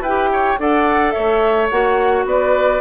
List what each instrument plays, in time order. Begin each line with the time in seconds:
0.00 bassoon E4, oboe B4, flute G5
0.07 clarinet G4
0.32 oboe C#5
0.58 bassoon D4, clarinet A4, oboe D5, flute F#5
1.11 bassoon A3, oboe C#5, flute E5
1.70 bassoon A#3, clarinet F#4, flute F#5
2.25 bassoon B3, oboe B4, flute D5